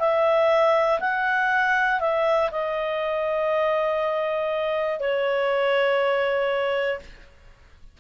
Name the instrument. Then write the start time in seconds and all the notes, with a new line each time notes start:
clarinet
0.00 E5
1.00 F#5
2.00 E5
2.51 D#5
5.00 C#5